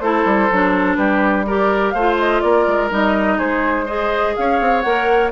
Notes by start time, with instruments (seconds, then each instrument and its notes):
0.00 bassoon A3, clarinet E4, oboe A4, flute C5
0.25 bassoon G3
0.51 bassoon F#3, clarinet D4
0.95 bassoon G3, oboe G4, flute B4
1.47 clarinet G4, oboe A#4, flute D5
1.91 bassoon A3, oboe C5, flute F5
1.98 clarinet F4
2.19 flute D#5
2.41 bassoon A#3, oboe A#4, flute D5
2.67 bassoon G#3
2.90 bassoon G3, clarinet D#4, flute D#5
3.38 bassoon G#3, oboe G#4, flute C5
3.85 clarinet G#4, oboe C5, flute D#5
4.36 bassoon C#4, oboe C#5, flute F5
4.61 bassoon C4
4.81 bassoon A#3, clarinet A#4, flute F#5